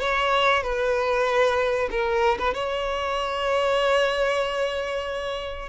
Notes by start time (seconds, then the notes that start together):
0.00 C#5
0.63 B4
1.91 A#4
2.39 B4
2.54 C#5